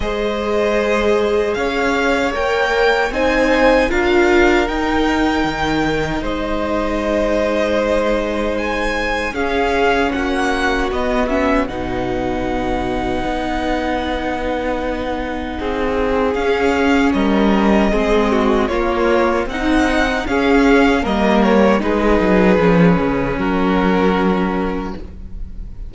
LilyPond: <<
  \new Staff \with { instrumentName = "violin" } { \time 4/4 \tempo 4 = 77 dis''2 f''4 g''4 | gis''4 f''4 g''2 | dis''2. gis''4 | f''4 fis''4 dis''8 e''8 fis''4~ |
fis''1~ | fis''4 f''4 dis''2 | cis''4 fis''4 f''4 dis''8 cis''8 | b'2 ais'2 | }
  \new Staff \with { instrumentName = "violin" } { \time 4/4 c''2 cis''2 | c''4 ais'2. | c''1 | gis'4 fis'2 b'4~ |
b'1 | gis'2 ais'4 gis'8 fis'8 | f'4 dis'4 gis'4 ais'4 | gis'2 fis'2 | }
  \new Staff \with { instrumentName = "viola" } { \time 4/4 gis'2. ais'4 | dis'4 f'4 dis'2~ | dis'1 | cis'2 b8 cis'8 dis'4~ |
dis'1~ | dis'4 cis'2 c'4 | ais4 dis'4 cis'4 ais4 | dis'4 cis'2. | }
  \new Staff \with { instrumentName = "cello" } { \time 4/4 gis2 cis'4 ais4 | c'4 d'4 dis'4 dis4 | gis1 | cis'4 ais4 b4 b,4~ |
b,4 b2. | c'4 cis'4 g4 gis4 | ais4 c'4 cis'4 g4 | gis8 fis8 f8 cis8 fis2 | }
>>